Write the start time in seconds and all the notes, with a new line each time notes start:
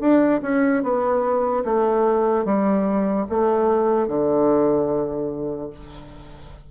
0.00 D4
0.42 C#4
0.83 B3
1.64 A3
2.45 G3
3.29 A3
4.08 D3